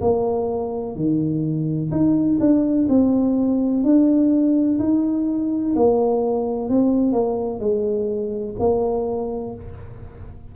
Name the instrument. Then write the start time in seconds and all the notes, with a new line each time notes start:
tuba
0.00 A#3
0.95 D#3
1.91 D#4
2.40 D4
2.88 C4
3.83 D4
4.79 D#4
5.75 A#3
6.69 C4
7.12 A#3
7.59 G#3
8.59 A#3